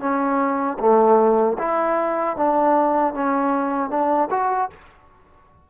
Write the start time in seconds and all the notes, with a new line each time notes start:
0.00 C#4
0.80 A3
1.59 E4
2.37 D4
3.14 C#4
3.90 D4
4.31 F#4